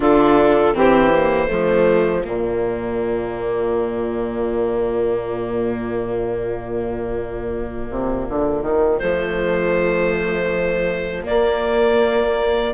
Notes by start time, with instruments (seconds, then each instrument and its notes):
0.00 bassoon D3, viola D4, saxophone F4, clarinet A4
0.74 bassoon E3, viola C4, saxophone G4, clarinet C5
1.15 viola A#3
1.47 bassoon F3, viola A3, saxophone F4
2.24 bassoon A#2, viola A#3, clarinet D5
7.90 bassoon C3
8.28 bassoon D3
8.62 bassoon D#3
8.98 bassoon F3, viola A3, clarinet C5
11.23 viola A#3, bassoon A#3, clarinet D5